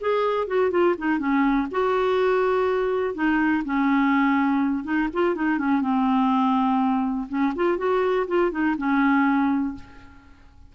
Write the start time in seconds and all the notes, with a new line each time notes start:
0.00 G#4
0.47 F#4
0.71 F4
0.98 D#4
1.18 C#4
1.71 F#4
3.14 D#4
3.64 C#4
4.84 D#4
5.13 F4
5.35 D#4
5.58 C#4
5.81 C4
7.28 C#4
7.55 F4
7.77 F#4
8.27 F4
8.51 D#4
8.77 C#4